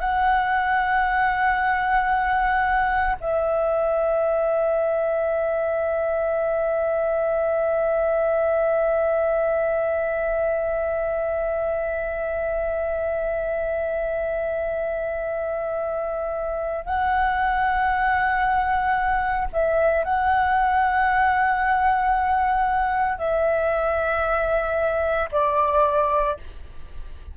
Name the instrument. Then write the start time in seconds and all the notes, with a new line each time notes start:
flute
0.00 F#5
3.20 E5
16.85 F#5
19.53 E5
20.04 F#5
23.18 E5
25.32 D5